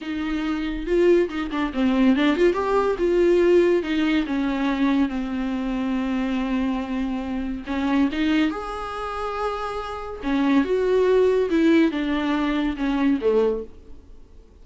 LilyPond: \new Staff \with { instrumentName = "viola" } { \time 4/4 \tempo 4 = 141 dis'2 f'4 dis'8 d'8 | c'4 d'8 f'8 g'4 f'4~ | f'4 dis'4 cis'2 | c'1~ |
c'2 cis'4 dis'4 | gis'1 | cis'4 fis'2 e'4 | d'2 cis'4 a4 | }